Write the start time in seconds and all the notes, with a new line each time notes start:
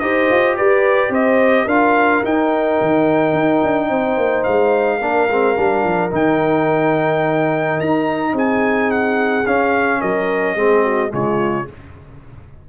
0.00 D#4 G4 C5 D#5
0.31 F4
0.57 G4 B4 D5
1.09 C4 C5 D#5
1.65 D4 F4 A#4 F5
2.24 D#4 G5
2.82 D#3
3.34 D#4
3.63 D4
3.90 C4 C5
4.18 A#3
4.44 G#3 F5
4.98 A#3 D4 A#4
5.29 G#3 C4
5.56 G3 D4
5.84 F3
6.11 D#3 D#4 G5
7.80 D#4 A#5
8.33 C4 G#4 G#5
8.91 F#5
9.46 C#4 F5
10.00 F#3 A#4 D#5
10.56 G#3 C4 G#4
10.83 F#4
11.10 C#3 G#3 F4 C#5